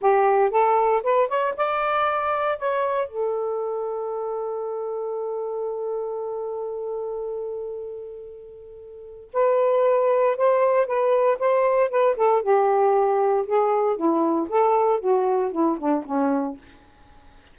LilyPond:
\new Staff \with { instrumentName = "saxophone" } { \time 4/4 \tempo 4 = 116 g'4 a'4 b'8 cis''8 d''4~ | d''4 cis''4 a'2~ | a'1~ | a'1~ |
a'2 b'2 | c''4 b'4 c''4 b'8 a'8 | g'2 gis'4 e'4 | a'4 fis'4 e'8 d'8 cis'4 | }